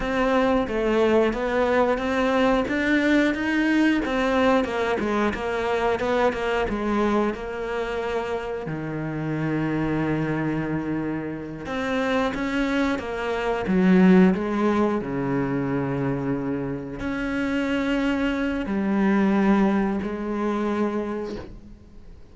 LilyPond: \new Staff \with { instrumentName = "cello" } { \time 4/4 \tempo 4 = 90 c'4 a4 b4 c'4 | d'4 dis'4 c'4 ais8 gis8 | ais4 b8 ais8 gis4 ais4~ | ais4 dis2.~ |
dis4. c'4 cis'4 ais8~ | ais8 fis4 gis4 cis4.~ | cis4. cis'2~ cis'8 | g2 gis2 | }